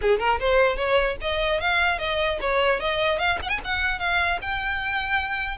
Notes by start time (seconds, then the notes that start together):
0.01 G#4
0.19 A#4
0.39 C5
0.76 C#5
1.21 D#5
1.60 F5
1.98 D#5
2.41 C#5
2.79 D#5
3.19 F5
3.42 F#5
3.49 G#5
3.64 F#5
3.99 F5
4.41 G5